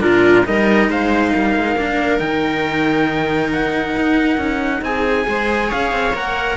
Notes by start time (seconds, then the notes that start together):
0.00 A#2 D4 F4 A#4
0.45 G3 D#4 A#4 D#5
0.89 G#3 C5 F5
1.32 G3 A#4
1.57 G#3
1.75 A#3 D4
2.19 D#3 D#4 G5
3.52 F#5
3.97 D#4
4.37 C#4
4.81 C4 G#4 G#5
5.24 G#3 G#4 C5
5.68 C#4 C#5 F5
5.92 C4
6.13 A#3 A#4 F#5